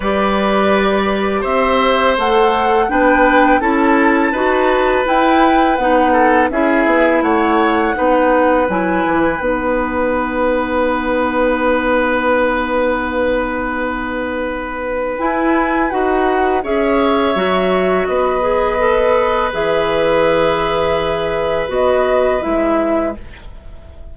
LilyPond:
<<
  \new Staff \with { instrumentName = "flute" } { \time 4/4 \tempo 4 = 83 d''2 e''4 fis''4 | g''4 a''2 g''4 | fis''4 e''4 fis''2 | gis''4 fis''2.~ |
fis''1~ | fis''4 gis''4 fis''4 e''4~ | e''4 dis''2 e''4~ | e''2 dis''4 e''4 | }
  \new Staff \with { instrumentName = "oboe" } { \time 4/4 b'2 c''2 | b'4 a'4 b'2~ | b'8 a'8 gis'4 cis''4 b'4~ | b'1~ |
b'1~ | b'2. cis''4~ | cis''4 b'2.~ | b'1 | }
  \new Staff \with { instrumentName = "clarinet" } { \time 4/4 g'2. a'4 | d'4 e'4 fis'4 e'4 | dis'4 e'2 dis'4 | e'4 dis'2.~ |
dis'1~ | dis'4 e'4 fis'4 gis'4 | fis'4. gis'8 a'4 gis'4~ | gis'2 fis'4 e'4 | }
  \new Staff \with { instrumentName = "bassoon" } { \time 4/4 g2 c'4 a4 | b4 cis'4 dis'4 e'4 | b4 cis'8 b8 a4 b4 | fis8 e8 b2.~ |
b1~ | b4 e'4 dis'4 cis'4 | fis4 b2 e4~ | e2 b4 gis4 | }
>>